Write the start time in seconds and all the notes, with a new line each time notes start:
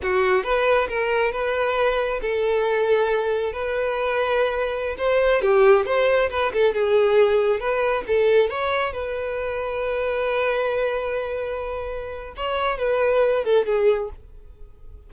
0.02 F#4
0.43 B4
0.88 A#4
1.32 B4
2.21 A4
3.52 B4
4.98 C5
5.41 G4
5.85 C5
6.30 B4
6.53 A4
6.73 G#4
7.60 B4
8.07 A4
8.49 C#5
8.92 B4
12.36 C#5
12.78 B4
13.44 A4
13.66 G#4